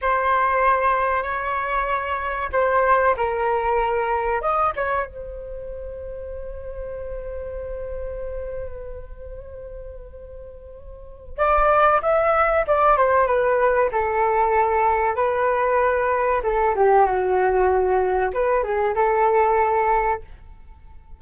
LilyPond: \new Staff \with { instrumentName = "flute" } { \time 4/4 \tempo 4 = 95 c''2 cis''2 | c''4 ais'2 dis''8 cis''8 | c''1~ | c''1~ |
c''2 d''4 e''4 | d''8 c''8 b'4 a'2 | b'2 a'8 g'8 fis'4~ | fis'4 b'8 gis'8 a'2 | }